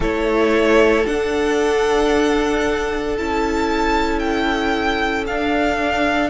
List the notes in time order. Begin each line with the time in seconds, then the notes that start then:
0.00 A3 E4 A4 C#5
1.05 D4 F#5
3.17 C#4 E4 A5
4.19 G5
5.27 D4 F5